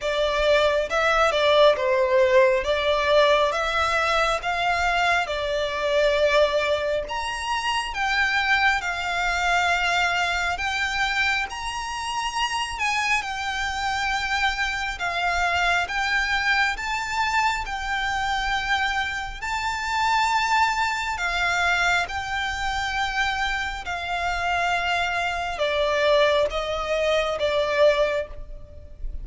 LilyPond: \new Staff \with { instrumentName = "violin" } { \time 4/4 \tempo 4 = 68 d''4 e''8 d''8 c''4 d''4 | e''4 f''4 d''2 | ais''4 g''4 f''2 | g''4 ais''4. gis''8 g''4~ |
g''4 f''4 g''4 a''4 | g''2 a''2 | f''4 g''2 f''4~ | f''4 d''4 dis''4 d''4 | }